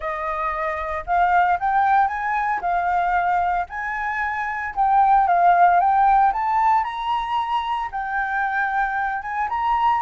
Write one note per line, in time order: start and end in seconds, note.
0.00 1.04 D#5
1.06 1.59 F5
1.59 2.07 G5
2.07 2.60 G#5
2.61 3.66 F5
3.69 4.74 G#5
4.75 5.27 G5
5.27 5.79 F5
5.79 6.32 G5
6.32 6.84 A5
6.84 7.89 A#5
7.91 9.22 G5
9.22 9.48 G#5
9.49 10.01 A#5